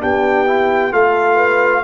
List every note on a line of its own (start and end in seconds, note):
0.00 0.92 B3
0.00 0.46 D4
0.00 0.93 G4
0.00 0.93 G5
0.46 0.91 E4
0.91 1.84 A3
0.91 1.84 F4
0.91 1.35 A4
0.91 1.84 F5
1.35 1.81 B4